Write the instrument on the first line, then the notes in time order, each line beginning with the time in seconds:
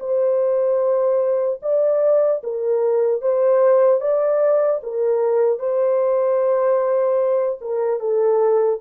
horn
0.00 C5
1.63 D5
2.44 A#4
3.22 C5
4.01 D5
4.84 A#4
5.60 C5
7.61 A#4
8.00 A4